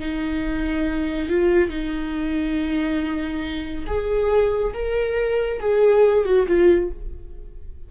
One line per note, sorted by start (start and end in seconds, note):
0.00 1.29 D#4
1.29 1.70 F4
1.70 3.86 D#4
3.87 4.73 G#4
4.74 5.60 A#4
5.60 6.25 G#4
6.25 6.47 F#4
6.47 6.91 F4